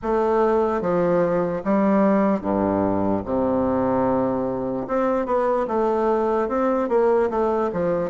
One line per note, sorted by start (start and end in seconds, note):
0.02 0.81 A3
0.81 1.62 F3
1.64 2.41 G3
2.41 3.22 G2
3.25 4.87 C3
4.87 5.26 C4
5.26 5.66 B3
5.68 6.48 A3
6.48 6.88 C4
6.88 7.29 A#3
7.30 7.70 A3
7.72 8.09 F3